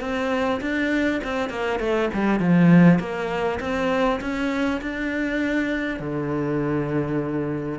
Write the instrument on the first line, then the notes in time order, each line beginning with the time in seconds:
cello
0.00 C4
0.61 D4
1.23 C4
1.49 A#3
1.79 A3
2.13 G3
2.39 F3
2.99 A#3
3.59 C4
4.21 C#4
4.81 D4
5.99 D3